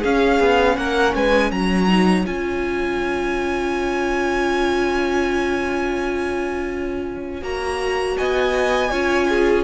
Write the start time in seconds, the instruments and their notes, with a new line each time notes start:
0.00 cello C#4, viola C#4, violin G#4 F5
0.40 cello B3
0.77 cello A#3, violin A#4 F#5
1.15 cello G#3, violin B4 G#5
1.52 cello F#3, violin C#5 A#5
1.88 viola D#4
2.26 cello C#4, viola F4, violin G#5
7.42 cello A#3, viola F#4, violin A#5
8.18 cello B3, violin D#5 G#5
8.91 cello C#4, viola F4, violin C#5
9.29 violin G#4